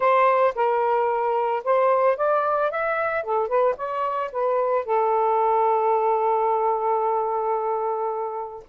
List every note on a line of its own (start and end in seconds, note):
0.00 0.54 C5
0.55 1.63 A#4
1.64 2.16 C5
2.16 2.70 D5
2.70 3.23 E5
3.23 3.48 A4
3.48 3.75 B4
3.76 4.30 C#5
4.32 4.85 B4
4.85 8.63 A4